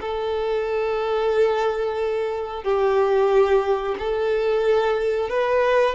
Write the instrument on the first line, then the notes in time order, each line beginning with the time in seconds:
violin
0.00 A4
2.63 G4
3.98 A4
5.29 B4